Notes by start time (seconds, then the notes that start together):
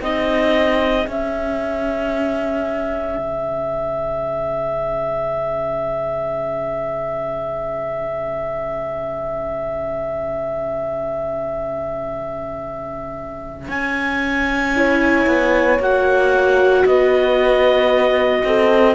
0.00 C4 D#4 G#4 D#5
1.05 C#4 E5
3.17 C#3
13.68 C#4 G#5
14.75 E4 C#5
15.27 B3
15.79 A#3 F#4 F#5
16.85 B3 B4 D#5
18.44 C4 A4